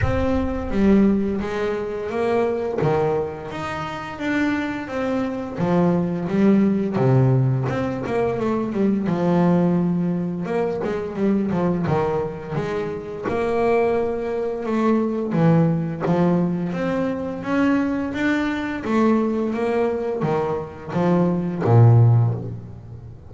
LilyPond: \new Staff \with { instrumentName = "double bass" } { \time 4/4 \tempo 4 = 86 c'4 g4 gis4 ais4 | dis4 dis'4 d'4 c'4 | f4 g4 c4 c'8 ais8 | a8 g8 f2 ais8 gis8 |
g8 f8 dis4 gis4 ais4~ | ais4 a4 e4 f4 | c'4 cis'4 d'4 a4 | ais4 dis4 f4 ais,4 | }